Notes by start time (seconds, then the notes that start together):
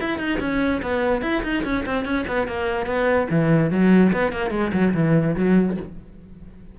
0.00 E4
0.18 D#4
0.39 C#4
0.82 B3
1.22 E4
1.43 D#4
1.64 C#4
1.86 C4
2.05 C#4
2.27 B3
2.47 A#3
2.86 B3
3.30 E3
3.70 F#3
4.12 B3
4.32 A#3
4.50 G#3
4.73 F#3
4.94 E3
5.35 F#3